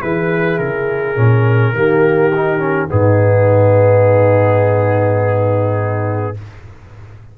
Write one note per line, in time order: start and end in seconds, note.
0.00 0.58 E3
0.00 1.15 E4
0.00 1.75 G#4
0.00 0.58 B4
0.58 1.16 C#3
0.58 2.89 A#4
1.15 1.73 A#2
1.15 1.73 C#4
1.73 2.88 D#3
1.73 2.30 A#3
1.73 2.90 G4
2.35 2.58 D#4
2.58 2.87 C#4
2.87 6.37 G#2
2.87 6.34 B3
2.87 6.36 D#4
2.87 6.37 G#4